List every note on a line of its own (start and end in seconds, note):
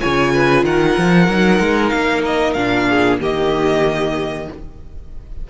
0.00 0.64 C#3
0.00 1.28 F4
0.00 0.33 C#5
0.00 0.64 G#5
0.34 0.65 B4
0.64 0.96 D#3
0.64 2.88 A#4
0.64 1.89 F#5
0.97 1.28 F3
1.28 1.60 F#3
1.28 2.56 D#4
1.60 1.92 G#3
1.89 2.55 A#3
1.89 2.21 F5
2.25 2.53 D#5
2.53 3.19 A#2
2.53 3.20 D4
2.53 3.17 F5
2.89 3.20 G#4
3.20 4.48 D#3
3.20 4.47 A#3
3.20 4.48 G4
3.20 4.50 D#5